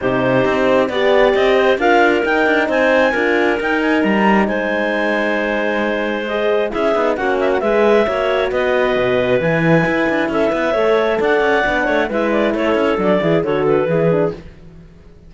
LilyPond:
<<
  \new Staff \with { instrumentName = "clarinet" } { \time 4/4 \tempo 4 = 134 c''2 d''4 dis''4 | f''4 g''4 gis''2 | g''8 gis''8 ais''4 gis''2~ | gis''2 dis''4 e''4 |
fis''8 e''16 fis''16 e''2 dis''4~ | dis''4 gis''2 e''4~ | e''4 fis''2 e''8 d''8 | cis''4 d''4 cis''8 b'4. | }
  \new Staff \with { instrumentName = "clarinet" } { \time 4/4 g'2 d''4. c''8 | ais'2 c''4 ais'4~ | ais'2 c''2~ | c''2. gis'4 |
fis'4 b'4 cis''4 b'4~ | b'2. a'8 b'8 | cis''4 d''4. cis''8 b'4 | a'4. gis'8 a'4 gis'4 | }
  \new Staff \with { instrumentName = "horn" } { \time 4/4 dis'2 g'2 | f'4 dis'2 f'4 | dis'1~ | dis'2 gis'4 e'8 dis'8 |
cis'4 gis'4 fis'2~ | fis'4 e'2. | a'2 d'4 e'4~ | e'4 d'8 e'8 fis'4 e'8 d'8 | }
  \new Staff \with { instrumentName = "cello" } { \time 4/4 c4 c'4 b4 c'4 | d'4 dis'8 d'8 c'4 d'4 | dis'4 g4 gis2~ | gis2. cis'8 b8 |
ais4 gis4 ais4 b4 | b,4 e4 e'8 d'8 cis'8 b8 | a4 d'8 cis'8 b8 a8 gis4 | a8 cis'8 fis8 e8 d4 e4 | }
>>